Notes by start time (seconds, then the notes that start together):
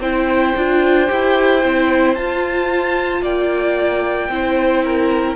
0.00 C4 E4 C5 G5
0.57 D4 F4
1.08 E4 G4
1.63 C4 E4
2.15 F4 A5
3.22 A#3 D5 G5
4.29 C4 E4 C5
4.85 A#4